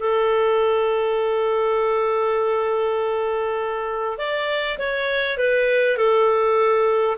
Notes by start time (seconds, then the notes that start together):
0.00 A4
4.18 D5
4.79 C#5
5.38 B4
5.98 A4